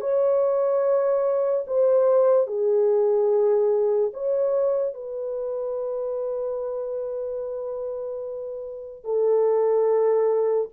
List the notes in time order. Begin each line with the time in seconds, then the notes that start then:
0.00 C#5
1.67 C5
2.47 G#4
4.13 C#5
4.93 B4
9.04 A4